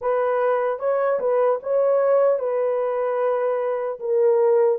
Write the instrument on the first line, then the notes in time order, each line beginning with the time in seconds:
horn
0.01 B4
0.79 C#5
1.19 B4
1.62 C#5
2.39 B4
3.99 A#4